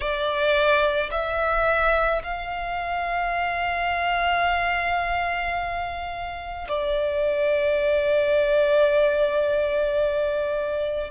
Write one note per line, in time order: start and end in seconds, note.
0.00 1.10 D5
1.11 2.22 E5
2.23 6.67 F5
6.68 11.11 D5